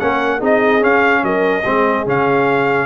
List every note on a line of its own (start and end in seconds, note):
0.00 0.42 A#3
0.00 0.40 C#4
0.00 0.38 A#4
0.00 0.41 F#5
0.38 0.83 C4
0.38 0.81 D#4
0.38 1.21 G#4
0.45 0.84 D#5
0.81 1.63 C#4
0.81 1.23 C#4
0.81 1.25 F5
1.23 1.64 F#3
1.23 1.64 A#4
1.23 2.07 D#5
1.64 2.06 G#3
1.64 2.07 C4
1.64 2.86 G#4
2.06 2.86 C#3
2.06 2.86 C#4
2.06 2.86 F5